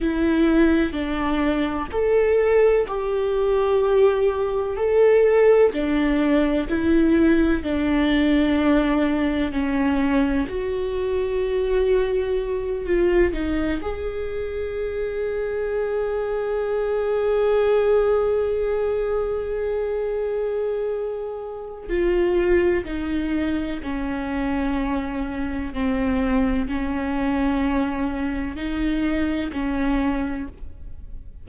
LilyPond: \new Staff \with { instrumentName = "viola" } { \time 4/4 \tempo 4 = 63 e'4 d'4 a'4 g'4~ | g'4 a'4 d'4 e'4 | d'2 cis'4 fis'4~ | fis'4. f'8 dis'8 gis'4.~ |
gis'1~ | gis'2. f'4 | dis'4 cis'2 c'4 | cis'2 dis'4 cis'4 | }